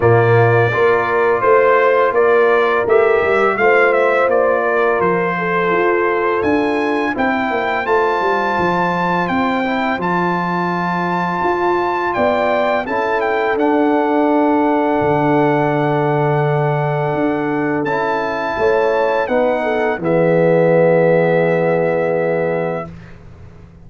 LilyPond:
<<
  \new Staff \with { instrumentName = "trumpet" } { \time 4/4 \tempo 4 = 84 d''2 c''4 d''4 | e''4 f''8 e''8 d''4 c''4~ | c''4 gis''4 g''4 a''4~ | a''4 g''4 a''2~ |
a''4 g''4 a''8 g''8 fis''4~ | fis''1~ | fis''4 a''2 fis''4 | e''1 | }
  \new Staff \with { instrumentName = "horn" } { \time 4/4 f'4 ais'4 c''4 ais'4~ | ais'4 c''4. ais'4 a'8~ | a'2 c''2~ | c''1~ |
c''4 d''4 a'2~ | a'1~ | a'2 cis''4 b'8 a'8 | gis'1 | }
  \new Staff \with { instrumentName = "trombone" } { \time 4/4 ais4 f'2. | g'4 f'2.~ | f'2 e'4 f'4~ | f'4. e'8 f'2~ |
f'2 e'4 d'4~ | d'1~ | d'4 e'2 dis'4 | b1 | }
  \new Staff \with { instrumentName = "tuba" } { \time 4/4 ais,4 ais4 a4 ais4 | a8 g8 a4 ais4 f4 | f'4 d'4 c'8 ais8 a8 g8 | f4 c'4 f2 |
f'4 b4 cis'4 d'4~ | d'4 d2. | d'4 cis'4 a4 b4 | e1 | }
>>